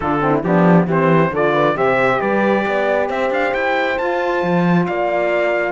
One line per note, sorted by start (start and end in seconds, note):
0.00 0.43 D3
0.00 0.20 D4
0.00 0.23 F4
0.00 0.41 A4
0.20 0.42 C4
0.20 0.46 E4
0.43 0.87 F3
0.43 0.87 B3
0.43 0.85 D4
0.43 0.88 G4
0.85 1.31 E3
0.85 1.32 C4
0.85 1.30 G4
0.85 1.35 C5
1.31 1.75 D3
1.31 1.74 F4
1.31 1.53 A4
1.31 1.77 D5
1.53 1.75 B4
1.74 2.19 C3
1.74 3.95 G4
1.74 2.21 C5
1.74 2.21 E5
2.21 2.65 G3
2.21 2.65 B4
2.21 3.09 D5
2.67 3.09 B3
2.67 3.08 D5
3.08 3.30 C4
3.08 4.84 C5
3.08 3.32 E5
3.30 3.52 D4
3.30 3.54 F5
3.54 3.98 E4
3.54 3.97 G5
3.97 5.72 F4
3.97 4.43 F4
3.97 4.86 A5
4.43 4.87 F3
4.86 5.72 A#3
4.86 5.72 D5
4.86 5.72 F5